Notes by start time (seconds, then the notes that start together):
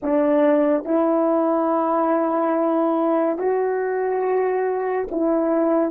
0.02 D4
0.85 E4
3.38 F#4
5.11 E4